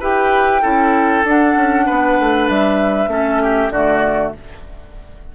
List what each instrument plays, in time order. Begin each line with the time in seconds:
0.00 bassoon E4, clarinet G4, oboe B4, flute G5
0.61 bassoon C#4, clarinet E4, oboe A4
1.24 bassoon D4, clarinet D4, flute F#5
1.55 bassoon C#4
1.86 bassoon B3, oboe B4
2.19 bassoon A3
2.47 bassoon G3, flute E5
3.07 bassoon A3, clarinet C#4, oboe A4
3.42 oboe G4
3.70 bassoon D3, clarinet A3, oboe F#4, flute D5